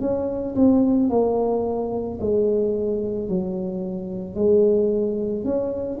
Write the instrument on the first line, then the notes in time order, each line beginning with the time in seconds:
tuba
0.00 C#4
0.55 C4
1.09 A#3
2.20 G#3
3.28 F#3
4.34 G#3
5.43 C#4